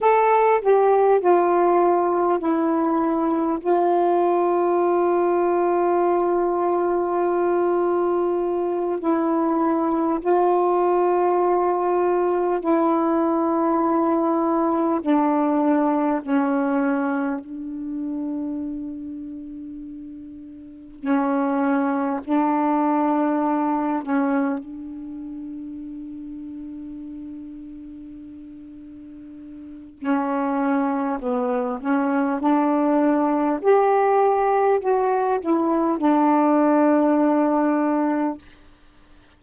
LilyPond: \new Staff \with { instrumentName = "saxophone" } { \time 4/4 \tempo 4 = 50 a'8 g'8 f'4 e'4 f'4~ | f'2.~ f'8 e'8~ | e'8 f'2 e'4.~ | e'8 d'4 cis'4 d'4.~ |
d'4. cis'4 d'4. | cis'8 d'2.~ d'8~ | d'4 cis'4 b8 cis'8 d'4 | g'4 fis'8 e'8 d'2 | }